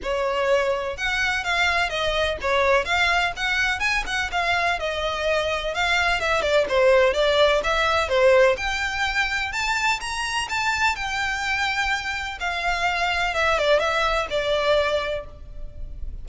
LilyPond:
\new Staff \with { instrumentName = "violin" } { \time 4/4 \tempo 4 = 126 cis''2 fis''4 f''4 | dis''4 cis''4 f''4 fis''4 | gis''8 fis''8 f''4 dis''2 | f''4 e''8 d''8 c''4 d''4 |
e''4 c''4 g''2 | a''4 ais''4 a''4 g''4~ | g''2 f''2 | e''8 d''8 e''4 d''2 | }